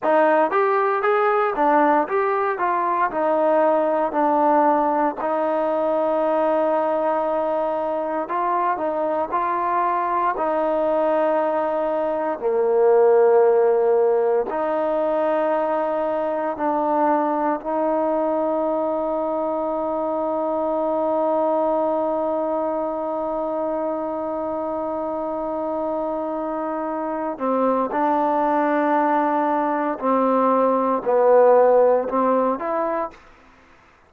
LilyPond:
\new Staff \with { instrumentName = "trombone" } { \time 4/4 \tempo 4 = 58 dis'8 g'8 gis'8 d'8 g'8 f'8 dis'4 | d'4 dis'2. | f'8 dis'8 f'4 dis'2 | ais2 dis'2 |
d'4 dis'2.~ | dis'1~ | dis'2~ dis'8 c'8 d'4~ | d'4 c'4 b4 c'8 e'8 | }